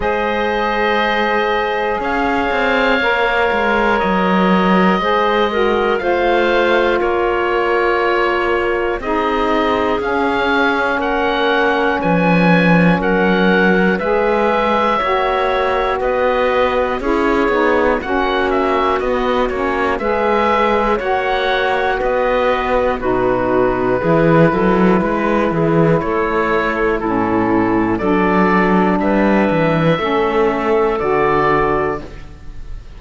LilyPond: <<
  \new Staff \with { instrumentName = "oboe" } { \time 4/4 \tempo 4 = 60 dis''2 f''2 | dis''2 f''4 cis''4~ | cis''4 dis''4 f''4 fis''4 | gis''4 fis''4 e''2 |
dis''4 cis''4 fis''8 e''8 dis''8 cis''8 | e''4 fis''4 dis''4 b'4~ | b'2 cis''4 a'4 | d''4 e''2 d''4 | }
  \new Staff \with { instrumentName = "clarinet" } { \time 4/4 c''2 cis''2~ | cis''4 c''8 ais'8 c''4 ais'4~ | ais'4 gis'2 ais'4 | b'4 ais'4 b'4 cis''4 |
b'4 gis'4 fis'2 | b'4 cis''4 b'4 fis'4 | gis'8 a'8 b'8 gis'8 a'4 e'4 | a'4 b'4 a'2 | }
  \new Staff \with { instrumentName = "saxophone" } { \time 4/4 gis'2. ais'4~ | ais'4 gis'8 fis'8 f'2~ | f'4 dis'4 cis'2~ | cis'2 gis'4 fis'4~ |
fis'4 e'8 dis'8 cis'4 b8 cis'8 | gis'4 fis'2 dis'4 | e'2. cis'4 | d'2 cis'4 fis'4 | }
  \new Staff \with { instrumentName = "cello" } { \time 4/4 gis2 cis'8 c'8 ais8 gis8 | fis4 gis4 a4 ais4~ | ais4 c'4 cis'4 ais4 | f4 fis4 gis4 ais4 |
b4 cis'8 b8 ais4 b8 ais8 | gis4 ais4 b4 b,4 | e8 fis8 gis8 e8 a4 a,4 | fis4 g8 e8 a4 d4 | }
>>